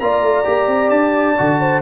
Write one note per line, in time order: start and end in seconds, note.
0.00 0.22 A#3
0.00 0.45 F4
0.00 1.61 D5
0.00 0.91 A#5
0.22 0.45 A3
0.45 0.68 A#3
0.45 1.36 G4
0.68 0.90 C4
0.91 1.36 D4
0.91 1.82 A5
1.38 1.82 D3
1.38 1.82 F#4
1.61 1.82 C5